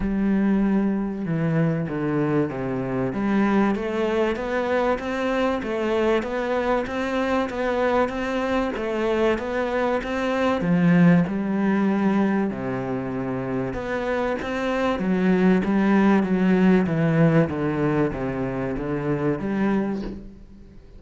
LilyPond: \new Staff \with { instrumentName = "cello" } { \time 4/4 \tempo 4 = 96 g2 e4 d4 | c4 g4 a4 b4 | c'4 a4 b4 c'4 | b4 c'4 a4 b4 |
c'4 f4 g2 | c2 b4 c'4 | fis4 g4 fis4 e4 | d4 c4 d4 g4 | }